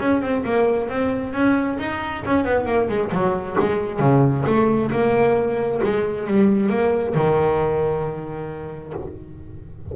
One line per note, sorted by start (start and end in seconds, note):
0.00 0.22 C#4
0.22 0.44 C4
0.45 0.89 A#3
0.89 1.33 C4
1.33 1.78 C#4
1.79 2.24 D#4
2.26 2.44 C#4
2.44 2.66 B3
2.66 2.88 A#3
2.89 3.11 G#3
3.12 3.57 F#3
3.60 4.00 G#3
4.00 4.44 C#3
4.46 4.91 A3
4.92 5.81 A#3
5.84 6.27 G#3
6.27 6.69 G3
6.69 7.14 A#3
7.15 8.94 D#3